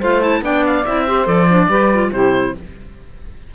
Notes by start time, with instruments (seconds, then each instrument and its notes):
0.00 cello A3, clarinet F4, saxophone C5, oboe F5
0.21 clarinet E4, oboe A5
0.42 cello B3, clarinet D4, saxophone D5, oboe G5
0.66 oboe F5
0.86 cello C4, clarinet E4, oboe E5
1.05 clarinet G4, saxophone C5
1.26 cello F3, clarinet A4, oboe D5
1.50 clarinet D4
1.69 cello G3, clarinet G4, saxophone B4
1.94 clarinet F4
2.13 cello C3, clarinet E4, saxophone G4, oboe C5